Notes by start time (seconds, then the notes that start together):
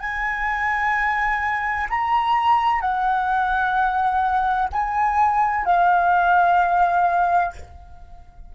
0.00 G#5
1.90 A#5
2.81 F#5
4.73 G#5
5.65 F5